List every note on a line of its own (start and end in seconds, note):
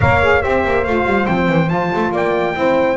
0.00 0.44 A#3
0.00 0.21 A#4
0.00 0.42 C#5
0.00 0.42 F5
0.21 0.41 G#4
0.41 0.65 C4
0.41 0.83 G4
0.41 2.12 C5
0.41 0.84 E5
0.65 0.86 A#3
0.84 1.05 A3
0.84 1.26 F4
0.84 1.26 F5
1.05 1.26 G3
1.26 1.48 F3
1.26 1.68 C4
1.26 1.69 G5
1.48 1.69 E3
1.68 1.91 F3
1.68 2.53 F4
1.68 2.11 A5
1.95 2.11 A3
2.11 2.54 A#3
2.11 2.54 D5
2.11 2.97 G5
2.53 2.97 C4
2.53 2.96 E4
2.53 2.97 C5